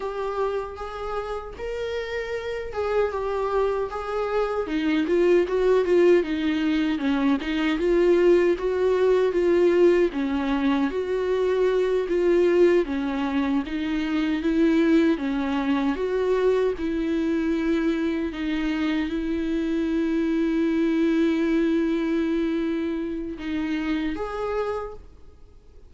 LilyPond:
\new Staff \with { instrumentName = "viola" } { \time 4/4 \tempo 4 = 77 g'4 gis'4 ais'4. gis'8 | g'4 gis'4 dis'8 f'8 fis'8 f'8 | dis'4 cis'8 dis'8 f'4 fis'4 | f'4 cis'4 fis'4. f'8~ |
f'8 cis'4 dis'4 e'4 cis'8~ | cis'8 fis'4 e'2 dis'8~ | dis'8 e'2.~ e'8~ | e'2 dis'4 gis'4 | }